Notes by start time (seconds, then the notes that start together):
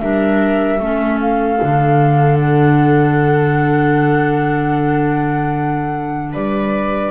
0.00 G3 D4 A#4 E5
0.79 A3 C#4 A4
1.20 F5
1.61 D3 D4
2.39 F#5
6.32 G3 B4 D5